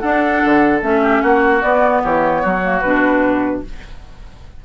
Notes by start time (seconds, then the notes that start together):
0.00 D4 A4 F#5
0.45 D3
0.82 A3 C#4 E5
1.02 G4
1.22 A#3 F#4 F#5
1.62 B3 D5
2.03 E3 G4 C#5
2.42 F#3 F#4
2.63 A#3
2.80 B2 D4 B4